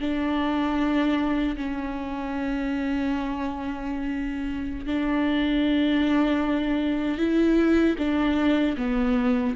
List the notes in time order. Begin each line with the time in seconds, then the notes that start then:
0.00 D4
1.57 C#4
4.86 D4
7.18 E4
7.98 D4
8.77 B3